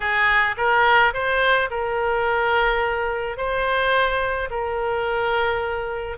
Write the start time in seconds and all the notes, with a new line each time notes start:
0.00 G#4
0.57 A#4
1.13 C5
1.70 A#4
3.37 C5
4.50 A#4